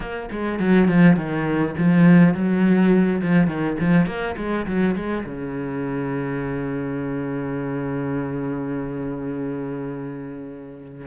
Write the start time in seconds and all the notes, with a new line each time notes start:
0.00 A#3
0.31 G#3
0.59 F#3
0.87 F3
1.16 D#3
1.78 F3
2.34 F#3
3.21 F3
3.47 D#3
3.79 F3
4.06 A#3
4.36 G#3
4.66 F#3
4.95 G#3
5.25 C#3